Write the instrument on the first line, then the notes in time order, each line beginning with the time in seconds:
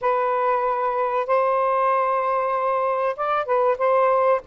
saxophone
0.01 B4
1.26 C5
3.16 D5
3.45 B4
3.78 C5